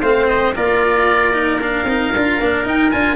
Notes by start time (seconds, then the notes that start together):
0.00 A3 C4 C5 F5
0.28 D#5
0.55 A#3 F4 A#4 D5
1.33 D#4
1.61 D4 F5
1.85 C4 D#4
2.15 D4 F4
2.40 A#3 D4
2.65 D#4 G5
2.90 D4 F4 G#5